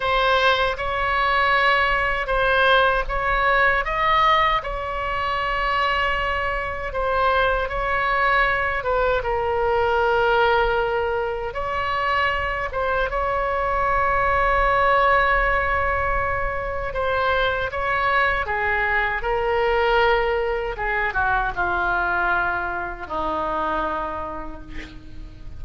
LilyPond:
\new Staff \with { instrumentName = "oboe" } { \time 4/4 \tempo 4 = 78 c''4 cis''2 c''4 | cis''4 dis''4 cis''2~ | cis''4 c''4 cis''4. b'8 | ais'2. cis''4~ |
cis''8 c''8 cis''2.~ | cis''2 c''4 cis''4 | gis'4 ais'2 gis'8 fis'8 | f'2 dis'2 | }